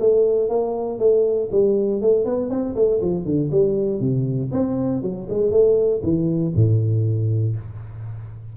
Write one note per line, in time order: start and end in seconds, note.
0.00 0.49 A3
0.49 0.99 A#3
0.99 1.50 A3
1.51 2.02 G3
2.02 2.25 A3
2.25 2.50 B3
2.50 2.75 C4
2.75 3.01 A3
3.02 3.25 F3
3.25 3.50 D3
3.52 4.00 G3
4.00 4.51 C3
4.52 5.03 C4
5.03 5.28 F#3
5.30 5.51 G#3
5.51 6.02 A3
6.03 6.54 E3
6.55 7.56 A2